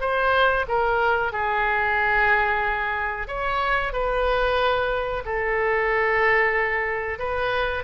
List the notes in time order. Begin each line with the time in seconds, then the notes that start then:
0.00 C5
0.68 A#4
1.32 G#4
3.27 C#5
3.92 B4
5.25 A4
7.19 B4